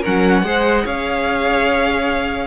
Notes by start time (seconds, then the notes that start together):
0.00 C#4 A#4 F#5
0.06 F#3
0.43 G#3 G#4 C5
0.84 C#4 C#5 F5